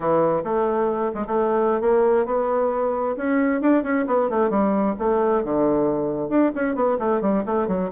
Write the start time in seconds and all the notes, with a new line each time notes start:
0.00 E3
0.44 A3
1.14 G#3
1.26 A3
1.80 A#3
2.25 B3
3.16 C#4
3.61 D4
3.83 C#4
4.06 B3
4.29 A3
4.50 G3
4.98 A3
5.44 D3
6.29 D4
6.55 C#4
6.75 B3
6.98 A3
7.21 G3
7.45 A3
7.67 F#3